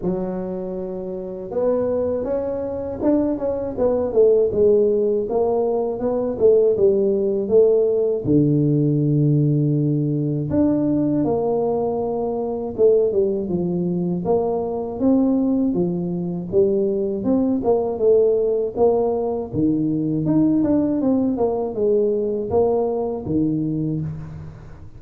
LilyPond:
\new Staff \with { instrumentName = "tuba" } { \time 4/4 \tempo 4 = 80 fis2 b4 cis'4 | d'8 cis'8 b8 a8 gis4 ais4 | b8 a8 g4 a4 d4~ | d2 d'4 ais4~ |
ais4 a8 g8 f4 ais4 | c'4 f4 g4 c'8 ais8 | a4 ais4 dis4 dis'8 d'8 | c'8 ais8 gis4 ais4 dis4 | }